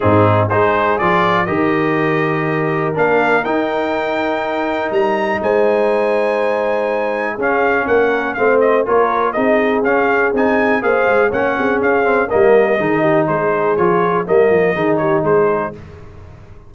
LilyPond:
<<
  \new Staff \with { instrumentName = "trumpet" } { \time 4/4 \tempo 4 = 122 gis'4 c''4 d''4 dis''4~ | dis''2 f''4 g''4~ | g''2 ais''4 gis''4~ | gis''2. f''4 |
fis''4 f''8 dis''8 cis''4 dis''4 | f''4 gis''4 f''4 fis''4 | f''4 dis''2 c''4 | cis''4 dis''4. cis''8 c''4 | }
  \new Staff \with { instrumentName = "horn" } { \time 4/4 dis'4 gis'2 ais'4~ | ais'1~ | ais'2. c''4~ | c''2. gis'4 |
ais'4 c''4 ais'4 gis'4~ | gis'2 c''4 cis''8 gis'8~ | gis'4 ais'4 gis'8 g'8 gis'4~ | gis'4 ais'4 gis'8 g'8 gis'4 | }
  \new Staff \with { instrumentName = "trombone" } { \time 4/4 c'4 dis'4 f'4 g'4~ | g'2 d'4 dis'4~ | dis'1~ | dis'2. cis'4~ |
cis'4 c'4 f'4 dis'4 | cis'4 dis'4 gis'4 cis'4~ | cis'8 c'8 ais4 dis'2 | f'4 ais4 dis'2 | }
  \new Staff \with { instrumentName = "tuba" } { \time 4/4 gis,4 gis4 f4 dis4~ | dis2 ais4 dis'4~ | dis'2 g4 gis4~ | gis2. cis'4 |
ais4 a4 ais4 c'4 | cis'4 c'4 ais8 gis8 ais8 c'8 | cis'4 g4 dis4 gis4 | f4 g8 f8 dis4 gis4 | }
>>